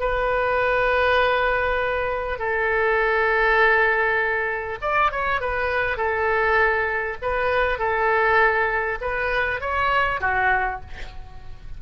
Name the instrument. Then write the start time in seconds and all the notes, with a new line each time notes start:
oboe
0.00 B4
2.39 A4
4.82 D5
5.12 C#5
5.41 B4
5.97 A4
7.22 B4
7.79 A4
9.01 B4
9.61 C#5
10.21 F#4